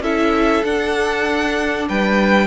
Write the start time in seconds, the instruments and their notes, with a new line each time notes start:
0.00 cello C#4, viola E4, violin A4 E5
0.64 viola D4, cello D4, violin F#5
1.89 cello G3, violin B4 G5